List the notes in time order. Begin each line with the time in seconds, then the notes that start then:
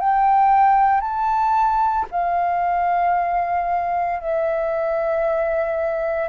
0.00 G5
1.01 A5
2.11 F5
4.21 E5